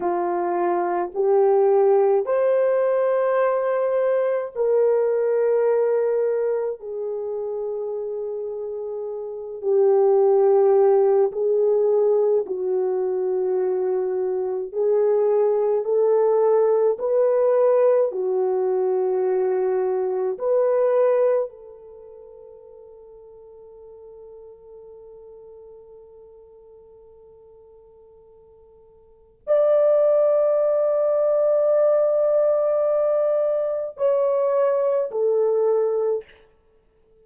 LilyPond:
\new Staff \with { instrumentName = "horn" } { \time 4/4 \tempo 4 = 53 f'4 g'4 c''2 | ais'2 gis'2~ | gis'8 g'4. gis'4 fis'4~ | fis'4 gis'4 a'4 b'4 |
fis'2 b'4 a'4~ | a'1~ | a'2 d''2~ | d''2 cis''4 a'4 | }